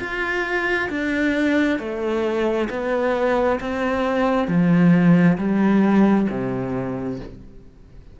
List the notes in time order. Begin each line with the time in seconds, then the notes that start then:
0.00 F4
0.90 D4
1.79 A3
2.70 B3
3.60 C4
4.48 F3
5.38 G3
6.30 C3